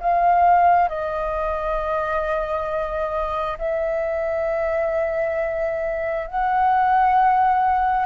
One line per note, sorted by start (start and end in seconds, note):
0.00 0.89 F5
0.89 3.57 D#5
3.58 6.27 E5
6.27 8.06 F#5